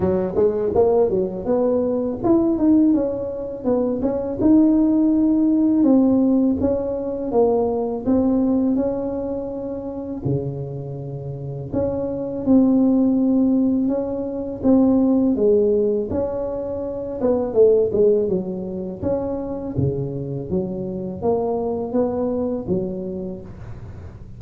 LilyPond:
\new Staff \with { instrumentName = "tuba" } { \time 4/4 \tempo 4 = 82 fis8 gis8 ais8 fis8 b4 e'8 dis'8 | cis'4 b8 cis'8 dis'2 | c'4 cis'4 ais4 c'4 | cis'2 cis2 |
cis'4 c'2 cis'4 | c'4 gis4 cis'4. b8 | a8 gis8 fis4 cis'4 cis4 | fis4 ais4 b4 fis4 | }